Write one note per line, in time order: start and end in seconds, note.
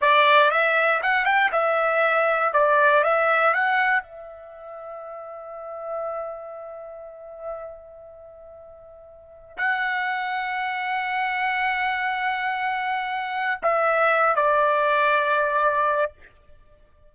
0.01 0.50 D5
0.50 1.01 E5
1.02 1.25 F#5
1.25 1.50 G5
1.52 2.53 E5
2.53 3.03 D5
3.03 3.53 E5
3.53 4.02 F#5
4.02 9.57 E5
9.57 13.60 F#5
13.62 14.35 E5
14.35 16.12 D5